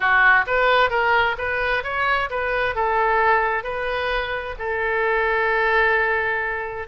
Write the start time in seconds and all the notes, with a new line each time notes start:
0.00 F#4
0.46 B4
0.90 A#4
1.37 B4
1.83 C#5
2.30 B4
2.75 A4
3.63 B4
4.59 A4